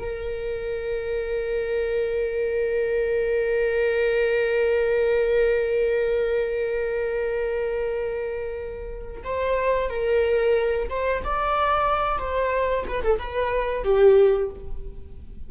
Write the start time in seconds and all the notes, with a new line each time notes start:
0.00 A#4
9.25 C5
9.90 A#4
10.89 C5
11.24 D5
12.19 C5
12.88 B4
13.03 A4
13.19 B4
13.84 G4